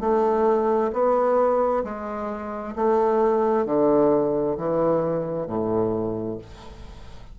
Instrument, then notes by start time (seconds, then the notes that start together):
bassoon
0.00 A3
0.93 B3
1.84 G#3
2.76 A3
3.65 D3
4.57 E3
5.47 A2